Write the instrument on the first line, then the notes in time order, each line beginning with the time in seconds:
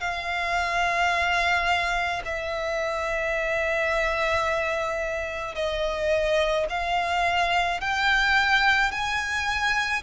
violin
0.00 F5
2.25 E5
5.55 D#5
6.70 F5
7.80 G5
8.91 G#5